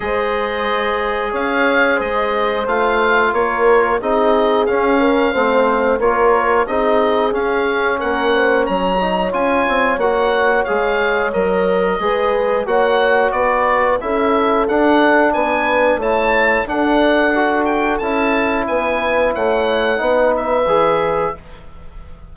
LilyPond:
<<
  \new Staff \with { instrumentName = "oboe" } { \time 4/4 \tempo 4 = 90 dis''2 f''4 dis''4 | f''4 cis''4 dis''4 f''4~ | f''4 cis''4 dis''4 f''4 | fis''4 ais''4 gis''4 fis''4 |
f''4 dis''2 fis''4 | d''4 e''4 fis''4 gis''4 | a''4 fis''4. g''8 a''4 | gis''4 fis''4. e''4. | }
  \new Staff \with { instrumentName = "horn" } { \time 4/4 c''2 cis''4 c''4~ | c''4 ais'4 gis'4. ais'8 | c''4 ais'4 gis'2 | ais'8 c''8 cis''2.~ |
cis''2 b'4 cis''4 | b'4 a'2 b'4 | cis''4 a'2. | b'4 cis''4 b'2 | }
  \new Staff \with { instrumentName = "trombone" } { \time 4/4 gis'1 | f'2 dis'4 cis'4 | c'4 f'4 dis'4 cis'4~ | cis'4. dis'8 f'4 fis'4 |
gis'4 ais'4 gis'4 fis'4~ | fis'4 e'4 d'2 | e'4 d'4 fis'4 e'4~ | e'2 dis'4 gis'4 | }
  \new Staff \with { instrumentName = "bassoon" } { \time 4/4 gis2 cis'4 gis4 | a4 ais4 c'4 cis'4 | a4 ais4 c'4 cis'4 | ais4 fis4 cis'8 c'8 ais4 |
gis4 fis4 gis4 ais4 | b4 cis'4 d'4 b4 | a4 d'2 cis'4 | b4 a4 b4 e4 | }
>>